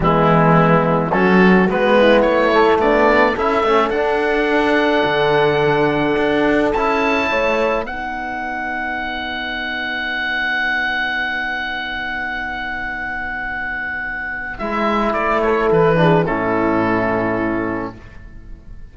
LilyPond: <<
  \new Staff \with { instrumentName = "oboe" } { \time 4/4 \tempo 4 = 107 e'2 a'4 b'4 | cis''4 d''4 e''4 fis''4~ | fis''1 | a''2 fis''2~ |
fis''1~ | fis''1~ | fis''2 e''4 d''8 cis''8 | b'4 a'2. | }
  \new Staff \with { instrumentName = "horn" } { \time 4/4 b2 fis'4. e'8~ | e'4 d'4 a'2~ | a'1~ | a'4 cis''4 b'2~ |
b'1~ | b'1~ | b'2.~ b'8 a'8~ | a'8 gis'8 e'2. | }
  \new Staff \with { instrumentName = "trombone" } { \time 4/4 gis2 cis'4 b4~ | b8 a4. e'8 cis'8 d'4~ | d'1 | e'2 dis'2~ |
dis'1~ | dis'1~ | dis'2 e'2~ | e'8 d'8 cis'2. | }
  \new Staff \with { instrumentName = "cello" } { \time 4/4 e2 fis4 gis4 | a4 b4 cis'8 a8 d'4~ | d'4 d2 d'4 | cis'4 a4 b2~ |
b1~ | b1~ | b2 gis4 a4 | e4 a,2. | }
>>